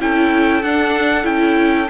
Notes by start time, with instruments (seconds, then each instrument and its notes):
0.00 cello C#4, viola E4, violin A4, trumpet G5
0.63 cello D4, viola D4, trumpet F#5
1.23 cello C#4, viola E4, trumpet G5